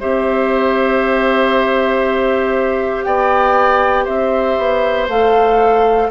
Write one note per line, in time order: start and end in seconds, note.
0.00 3.05 C4
0.00 5.08 G4
0.00 3.05 C5
0.00 3.03 E5
3.03 4.06 B3
3.03 4.04 D5
3.03 4.05 G5
4.04 4.57 C4
4.04 6.07 C5
4.04 5.07 E5
4.57 5.08 B3
5.08 6.10 A3
5.08 6.11 A4
5.08 6.11 F5